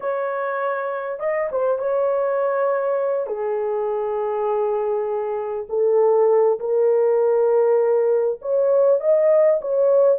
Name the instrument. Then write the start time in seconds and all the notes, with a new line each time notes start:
horn
0.00 C#5
1.19 D#5
1.51 C5
1.78 C#5
3.26 G#4
5.69 A4
6.59 A#4
8.41 C#5
9.00 D#5
9.61 C#5